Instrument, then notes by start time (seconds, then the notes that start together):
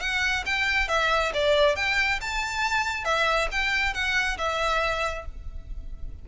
violin
0.00 F#5
0.46 G5
0.88 E5
1.33 D5
1.76 G5
2.21 A5
3.04 E5
3.51 G5
3.93 F#5
4.37 E5